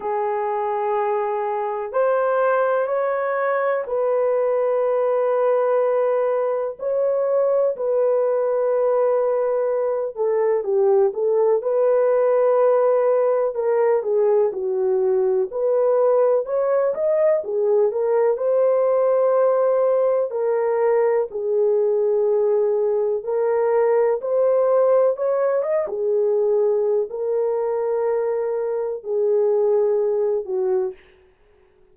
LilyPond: \new Staff \with { instrumentName = "horn" } { \time 4/4 \tempo 4 = 62 gis'2 c''4 cis''4 | b'2. cis''4 | b'2~ b'8 a'8 g'8 a'8 | b'2 ais'8 gis'8 fis'4 |
b'4 cis''8 dis''8 gis'8 ais'8 c''4~ | c''4 ais'4 gis'2 | ais'4 c''4 cis''8 dis''16 gis'4~ gis'16 | ais'2 gis'4. fis'8 | }